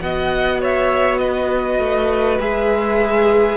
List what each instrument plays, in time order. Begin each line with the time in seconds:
0.00 cello B3, viola F#4, violin D#5 F#5
0.60 violin C#5 E5
1.18 violin B4 D#5
1.79 cello A3
2.40 cello G#3, viola G#4, violin E5